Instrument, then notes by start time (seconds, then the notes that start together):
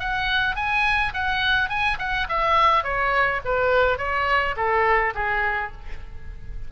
oboe
0.00 F#5
0.56 G#5
1.14 F#5
1.70 G#5
1.99 F#5
2.29 E5
2.84 C#5
3.45 B4
3.98 C#5
4.57 A4
5.15 G#4